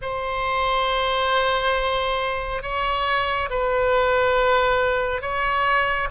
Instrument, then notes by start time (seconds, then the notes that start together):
oboe
0.01 C5
2.62 C#5
3.49 B4
5.21 C#5